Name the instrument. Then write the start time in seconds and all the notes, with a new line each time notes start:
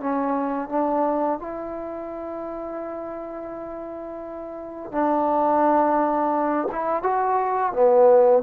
trombone
0.00 C#4
0.69 D4
1.39 E4
4.91 D4
6.71 E4
7.02 F#4
7.72 B3